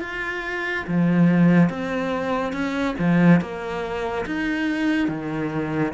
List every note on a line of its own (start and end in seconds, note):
0.00 0.85 F4
0.87 1.69 F3
1.69 2.52 C4
2.52 2.95 C#4
2.98 3.41 F3
3.41 4.25 A#3
4.25 5.08 D#4
5.08 5.93 D#3